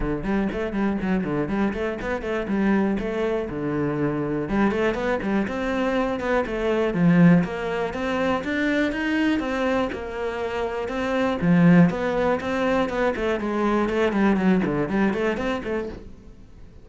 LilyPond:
\new Staff \with { instrumentName = "cello" } { \time 4/4 \tempo 4 = 121 d8 g8 a8 g8 fis8 d8 g8 a8 | b8 a8 g4 a4 d4~ | d4 g8 a8 b8 g8 c'4~ | c'8 b8 a4 f4 ais4 |
c'4 d'4 dis'4 c'4 | ais2 c'4 f4 | b4 c'4 b8 a8 gis4 | a8 g8 fis8 d8 g8 a8 c'8 a8 | }